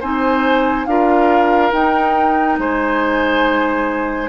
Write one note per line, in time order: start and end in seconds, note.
0.00 0.86 C4
0.00 0.88 D#4
0.00 0.86 C5
0.00 0.86 G#5
0.86 1.71 D4
0.86 1.72 F4
0.86 2.60 A#4
0.86 1.71 F5
1.72 4.29 D#4
1.72 2.58 D#4
1.72 2.58 G5
2.58 4.29 G#3
2.58 4.29 C5
2.58 4.29 G#5